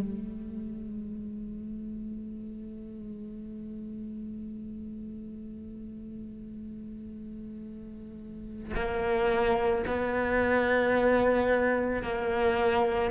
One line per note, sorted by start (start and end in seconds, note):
0.00 8.73 A3
8.75 9.84 A#3
9.86 12.02 B3
12.02 13.11 A#3